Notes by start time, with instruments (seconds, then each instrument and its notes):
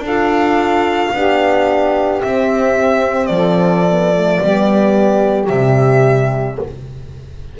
0.00 double bass D4, saxophone A4
0.07 horn F4, violin F5
1.14 double bass B3, horn D4, saxophone G4
2.22 horn C4, double bass C4, violin E5
3.26 double bass F3, violin D5
3.33 saxophone A4
3.91 horn B3
4.16 horn A3
4.41 double bass G3, horn B3, saxophone G4
5.48 double bass C3, horn G3, violin E5